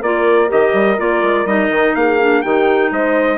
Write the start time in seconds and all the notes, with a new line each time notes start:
0.00 A#3 F4 A#4 D5
0.48 D#3 G4 D#5
0.73 G3
0.98 A#3 F4 D5
1.22 G#3
1.45 G3 D#4 D#5
1.69 D#3
1.95 A#3 G#4 F5
2.20 D4
2.42 D#3 D#4 G4 G5
2.91 G#3 C5 D#5